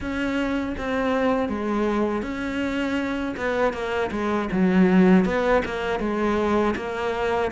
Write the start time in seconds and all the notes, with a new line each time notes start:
0.00 C#4
0.77 C4
1.49 G#3
2.22 C#4
3.36 B3
3.73 A#3
4.11 G#3
4.52 F#3
5.25 B3
5.65 A#3
5.99 G#3
6.76 A#3